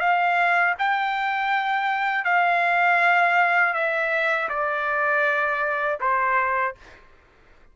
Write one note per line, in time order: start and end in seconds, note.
0.00 0.75 F5
0.79 2.25 G5
2.25 3.74 F5
3.74 4.49 E5
4.49 5.99 D5
6.00 6.75 C5